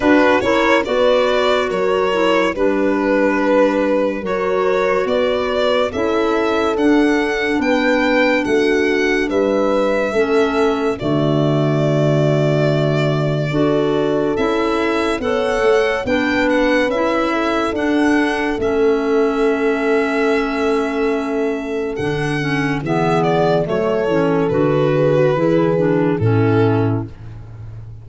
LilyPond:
<<
  \new Staff \with { instrumentName = "violin" } { \time 4/4 \tempo 4 = 71 b'8 cis''8 d''4 cis''4 b'4~ | b'4 cis''4 d''4 e''4 | fis''4 g''4 fis''4 e''4~ | e''4 d''2.~ |
d''4 e''4 fis''4 g''8 fis''8 | e''4 fis''4 e''2~ | e''2 fis''4 e''8 d''8 | cis''4 b'2 a'4 | }
  \new Staff \with { instrumentName = "horn" } { \time 4/4 fis'8 ais'8 b'4 ais'4 b'4~ | b'4 ais'4 b'4 a'4~ | a'4 b'4 fis'4 b'4 | a'4 fis'2. |
a'2 cis''4 b'4~ | b'8 a'2.~ a'8~ | a'2. gis'4 | a'4. gis'16 fis'16 gis'4 e'4 | }
  \new Staff \with { instrumentName = "clarinet" } { \time 4/4 d'8 e'8 fis'4. e'8 d'4~ | d'4 fis'2 e'4 | d'1 | cis'4 a2. |
fis'4 e'4 a'4 d'4 | e'4 d'4 cis'2~ | cis'2 d'8 cis'8 b4 | a8 cis'8 fis'4 e'8 d'8 cis'4 | }
  \new Staff \with { instrumentName = "tuba" } { \time 4/4 d'8 cis'8 b4 fis4 g4~ | g4 fis4 b4 cis'4 | d'4 b4 a4 g4 | a4 d2. |
d'4 cis'4 b8 a8 b4 | cis'4 d'4 a2~ | a2 d4 e4 | fis8 e8 d4 e4 a,4 | }
>>